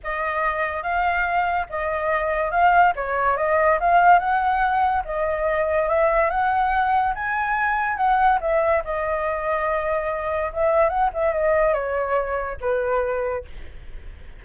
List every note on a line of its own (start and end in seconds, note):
0.03 0.82 D#5
0.82 1.66 F5
1.69 2.51 D#5
2.51 2.93 F5
2.95 3.37 C#5
3.37 3.79 D#5
3.80 4.19 F5
4.19 5.03 F#5
5.05 5.88 D#5
5.88 6.30 E5
6.30 7.13 F#5
7.14 7.97 G#5
7.97 8.39 F#5
8.40 8.82 E5
8.84 10.52 D#5
10.53 10.89 E5
10.89 11.10 F#5
11.13 11.32 E5
11.32 11.73 D#5
11.73 12.57 C#5
12.60 13.44 B4